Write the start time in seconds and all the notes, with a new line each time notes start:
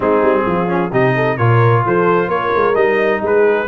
0.00 G#3 C4 D#4 G#4
0.22 G3
0.46 F3 F4
0.67 C#4
0.91 C3 D#4 G4 D#5
1.15 A4
1.37 A#2 F4 A#4 C#5
1.84 F3 A4 C5
2.28 A#3 A#4 C#5
2.55 G#3
2.74 G3 D#4 D#5
3.22 G#3 G#4 B4